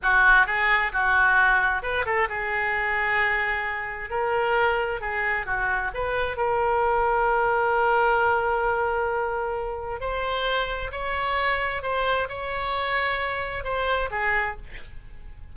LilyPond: \new Staff \with { instrumentName = "oboe" } { \time 4/4 \tempo 4 = 132 fis'4 gis'4 fis'2 | b'8 a'8 gis'2.~ | gis'4 ais'2 gis'4 | fis'4 b'4 ais'2~ |
ais'1~ | ais'2 c''2 | cis''2 c''4 cis''4~ | cis''2 c''4 gis'4 | }